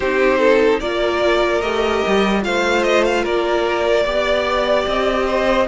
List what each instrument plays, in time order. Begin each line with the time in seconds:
0.00 cello C4, viola D#4, violin G4 C5
0.38 violin A4
0.80 cello A#3, viola F4, violin A#4 D5
1.60 cello A3, viola G4, violin D#5
2.07 cello G3
2.41 cello A3, viola F4, violin C5 F5
2.83 violin D#5
3.04 violin F5
3.23 cello A#3, violin A#4 D5
4.04 cello B3, viola G4, violin D5
4.86 cello C4, violin D#5
5.26 violin C5